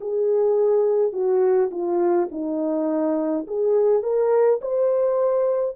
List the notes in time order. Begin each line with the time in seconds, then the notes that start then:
0.00 G#4
1.12 F#4
1.70 F4
2.31 D#4
3.47 G#4
4.02 A#4
4.61 C5